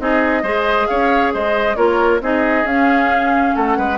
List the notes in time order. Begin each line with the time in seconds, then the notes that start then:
0.00 C4 D#4 G#4 D#5
0.43 G#3 G#4 C5
0.88 C#4 C#5 F5
1.34 G#3 C5 D#5
1.76 A#3 F4 A#4 C#5
2.21 C4 D#4 G#4 D#5
2.64 C#4 F5
3.56 A3 A4 F#5
3.78 G#3 B4